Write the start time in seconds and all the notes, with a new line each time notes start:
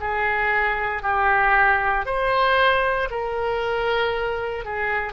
0.00 G#4
1.03 G4
2.05 C5
3.11 A#4
4.65 G#4